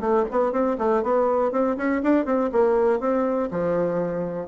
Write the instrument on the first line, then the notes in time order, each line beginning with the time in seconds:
bassoon
0.00 A3
0.31 B3
0.52 C4
0.78 A3
1.03 B3
1.52 C4
1.77 C#4
2.02 D4
2.25 C4
2.52 A#3
3.00 C4
3.50 F3